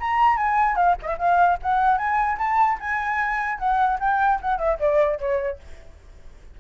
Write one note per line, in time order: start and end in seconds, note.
0.00 0.37 A#5
0.37 0.76 G#5
0.76 0.96 F5
1.02 1.07 D#5
1.02 1.17 E5
1.18 1.58 F5
1.62 1.98 F#5
1.98 2.38 G#5
2.38 2.78 A5
2.80 3.58 G#5
3.58 3.98 F#5
4.00 4.40 G5
4.41 4.58 F#5
4.58 4.78 E5
4.79 5.19 D5
5.19 5.59 C#5